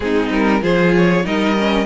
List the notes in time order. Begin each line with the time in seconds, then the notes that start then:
0.00 G#3 C4 D#4 G#4
0.30 G3 A#4
0.61 F3 F4 G#4 C5
0.96 C#5
1.24 G3 D#4 A#4 D#5
1.59 C#4